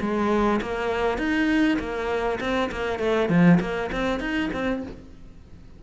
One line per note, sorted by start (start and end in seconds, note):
0.00 0.60 G#3
0.61 1.18 A#3
1.18 1.78 D#4
1.79 2.39 A#3
2.40 2.70 C4
2.71 2.99 A#3
2.99 3.29 A3
3.29 3.59 F3
3.60 3.90 A#3
3.92 4.19 C4
4.19 4.49 D#4
4.52 4.82 C4